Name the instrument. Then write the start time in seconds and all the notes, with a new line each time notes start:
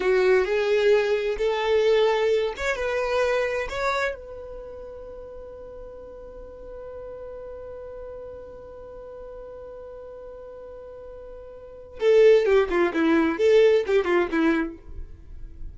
violin
0.00 F#4
0.44 G#4
1.38 A4
2.56 C#5
2.75 B4
3.69 C#5
4.14 B4
11.99 A4
12.45 G4
12.69 F4
12.93 E4
13.38 A4
13.86 G4
14.05 F4
14.31 E4